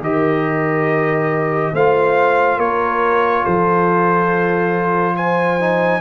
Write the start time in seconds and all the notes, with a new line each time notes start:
0.00 D#3 G4 A#4 D#5
1.73 A3 F4 C5 F5
2.57 A#3 A#4 C#5
3.43 F3 A4 C5
5.16 C5 G#5
5.60 D#4